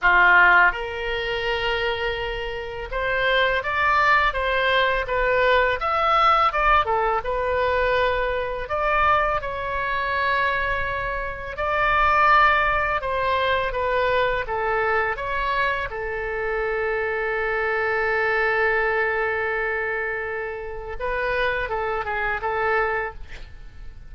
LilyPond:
\new Staff \with { instrumentName = "oboe" } { \time 4/4 \tempo 4 = 83 f'4 ais'2. | c''4 d''4 c''4 b'4 | e''4 d''8 a'8 b'2 | d''4 cis''2. |
d''2 c''4 b'4 | a'4 cis''4 a'2~ | a'1~ | a'4 b'4 a'8 gis'8 a'4 | }